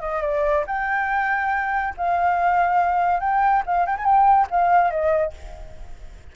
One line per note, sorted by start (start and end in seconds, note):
0.00 0.21 D#5
0.21 0.64 D5
0.67 1.94 G5
1.97 3.20 F5
3.20 3.62 G5
3.66 3.86 F5
3.86 3.96 G5
3.97 4.04 G#5
4.04 4.47 G5
4.50 4.90 F5
4.90 5.32 D#5